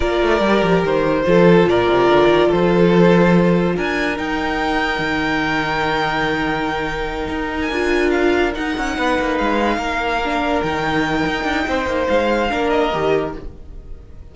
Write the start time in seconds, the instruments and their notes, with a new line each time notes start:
0.00 cello A#3, viola F4, violin A#4 D5
0.22 cello A3
0.40 cello G3, viola G4
0.62 cello F3
0.83 cello D#3, violin C5
1.23 cello F3, viola F4, violin A4
1.65 cello A#2, violin A#4 D5
1.88 cello C3
2.08 cello D3
2.27 cello D#3
2.48 cello F3, violin A4 C5
3.76 cello D4, violin A#4 G#5
4.15 viola D#4, cello D#4, violin G5
4.98 cello D#3
7.28 cello D#4
7.61 violin G#5
7.70 cello D4, viola F4
8.10 violin F5
8.53 viola D#4, cello D#4, violin F#5
8.77 cello C#4
8.97 cello B3, violin B4
9.18 cello A#3
9.37 cello G#3, violin F5
9.77 cello A#3, violin A#4
10.24 viola D4
10.61 cello D#3, viola D#4, violin G5
11.26 cello D#4
11.43 cello D4
11.67 cello C4, violin C5
11.85 cello A#3
12.08 cello G#3, violin F5
12.49 cello A#3, viola D4, violin A#4
12.69 violin D#5
12.92 cello D#3, viola G4